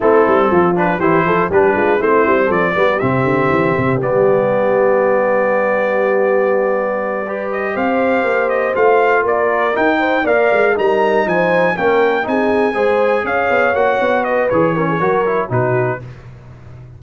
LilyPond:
<<
  \new Staff \with { instrumentName = "trumpet" } { \time 4/4 \tempo 4 = 120 a'4. b'8 c''4 b'4 | c''4 d''4 e''2 | d''1~ | d''2. dis''8 f''8~ |
f''4 dis''8 f''4 d''4 g''8~ | g''8 f''4 ais''4 gis''4 g''8~ | g''8 gis''2 f''4 fis''8~ | fis''8 dis''8 cis''2 b'4 | }
  \new Staff \with { instrumentName = "horn" } { \time 4/4 e'4 f'4 g'8 a'8 g'8 f'8 | e'4 a'8 g'2~ g'8~ | g'1~ | g'2~ g'8 b'4 c''8~ |
c''2~ c''8 ais'4. | c''8 d''4 ais'4 c''4 ais'8~ | ais'8 gis'4 c''4 cis''4.~ | cis''8 b'4 ais'16 gis'16 ais'4 fis'4 | }
  \new Staff \with { instrumentName = "trombone" } { \time 4/4 c'4. d'8 e'4 d'4 | c'4. b8 c'2 | b1~ | b2~ b8 g'4.~ |
g'4. f'2 dis'8~ | dis'8 ais'4 dis'2 cis'8~ | cis'8 dis'4 gis'2 fis'8~ | fis'4 gis'8 cis'8 fis'8 e'8 dis'4 | }
  \new Staff \with { instrumentName = "tuba" } { \time 4/4 a8 g8 f4 e8 f8 g8 gis8 | a8 g8 f8 g8 c8 d8 e8 c8 | g1~ | g2.~ g8 c'8~ |
c'8 ais4 a4 ais4 dis'8~ | dis'8 ais8 gis8 g4 f4 ais8~ | ais8 c'4 gis4 cis'8 b8 ais8 | b4 e4 fis4 b,4 | }
>>